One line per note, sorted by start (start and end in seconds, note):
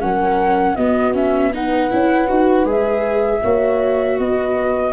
0.00 0.76 F#3
0.00 0.76 C#4
0.00 0.76 A#4
0.00 0.75 F#5
0.75 1.90 B3
0.75 1.14 B3
0.75 1.52 F#4
0.75 1.13 D#5
1.14 1.52 C#4
1.14 1.53 E5
1.53 1.90 D#4
1.53 3.42 B4
1.53 2.68 F#5
1.90 2.30 C#4
1.90 2.28 E4
2.28 2.64 D#4
2.28 2.66 F#4
2.64 3.40 G#3
2.64 3.41 G#4
2.64 4.19 E5
3.42 4.19 A#3
3.42 4.93 F#4
3.42 4.18 C#5
4.19 4.93 B3
4.19 4.93 B4
4.19 4.93 D#5